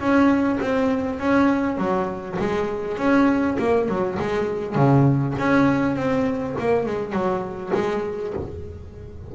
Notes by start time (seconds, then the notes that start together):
0.00 C#4
0.61 C4
1.19 C#4
1.78 F#3
2.40 G#3
2.98 C#4
3.59 A#3
3.89 F#3
4.19 G#3
4.75 C#3
5.38 C#4
5.96 C4
6.59 A#3
6.86 G#3
7.13 F#3
7.74 G#3